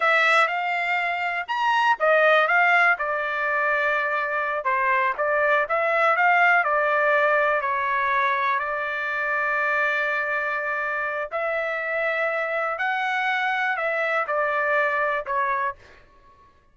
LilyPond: \new Staff \with { instrumentName = "trumpet" } { \time 4/4 \tempo 4 = 122 e''4 f''2 ais''4 | dis''4 f''4 d''2~ | d''4. c''4 d''4 e''8~ | e''8 f''4 d''2 cis''8~ |
cis''4. d''2~ d''8~ | d''2. e''4~ | e''2 fis''2 | e''4 d''2 cis''4 | }